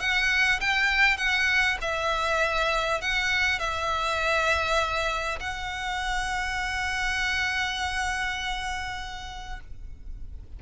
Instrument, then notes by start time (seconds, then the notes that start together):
violin
0.00 F#5
0.61 G5
1.18 F#5
1.82 E5
3.01 F#5
3.59 E5
5.40 F#5